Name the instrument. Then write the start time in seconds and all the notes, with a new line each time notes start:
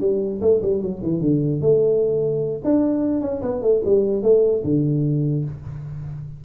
tuba
0.00 G3
0.41 A3
0.62 G3
0.82 F#3
1.02 E3
1.20 D3
1.61 A3
2.64 D4
3.21 C#4
3.42 B3
3.61 A3
3.85 G3
4.23 A3
4.64 D3